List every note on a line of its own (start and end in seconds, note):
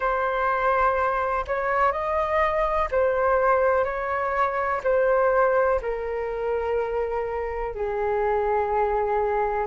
0.00 1.45 C5
1.47 1.92 C#5
1.92 2.89 D#5
2.91 3.84 C5
3.84 4.81 C#5
4.83 5.80 C5
5.81 7.74 A#4
7.74 9.67 G#4